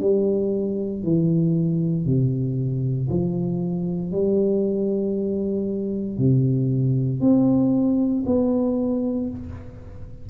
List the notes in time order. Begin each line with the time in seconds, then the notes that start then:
0.00 G3
1.03 E3
2.05 C3
3.09 F3
4.11 G3
6.18 C3
7.20 C4
8.26 B3